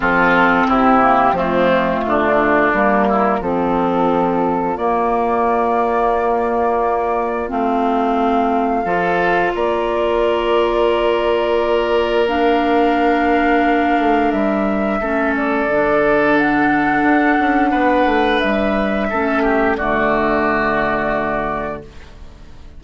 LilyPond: <<
  \new Staff \with { instrumentName = "flute" } { \time 4/4 \tempo 4 = 88 a'4 g'4 f'2 | ais'4 a'2 d''4~ | d''2. f''4~ | f''2 d''2~ |
d''2 f''2~ | f''4 e''4. d''4. | fis''2. e''4~ | e''4 d''2. | }
  \new Staff \with { instrumentName = "oboe" } { \time 4/4 f'4 e'4 c'4 d'4~ | d'8 e'8 f'2.~ | f'1~ | f'4 a'4 ais'2~ |
ais'1~ | ais'2 a'2~ | a'2 b'2 | a'8 g'8 fis'2. | }
  \new Staff \with { instrumentName = "clarinet" } { \time 4/4 c'4. ais8 a2 | ais4 c'2 ais4~ | ais2. c'4~ | c'4 f'2.~ |
f'2 d'2~ | d'2 cis'4 d'4~ | d'1 | cis'4 a2. | }
  \new Staff \with { instrumentName = "bassoon" } { \time 4/4 f4 c4 f4 d4 | g4 f2 ais4~ | ais2. a4~ | a4 f4 ais2~ |
ais1~ | ais8 a8 g4 a4 d4~ | d4 d'8 cis'8 b8 a8 g4 | a4 d2. | }
>>